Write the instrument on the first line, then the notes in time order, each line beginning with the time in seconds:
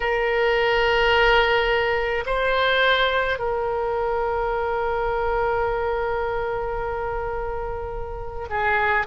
oboe
0.00 A#4
2.25 C5
3.38 A#4
8.49 G#4